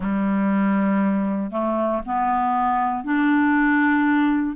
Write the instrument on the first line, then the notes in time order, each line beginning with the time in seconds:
clarinet
0.00 G3
1.51 A3
2.05 B3
3.04 D4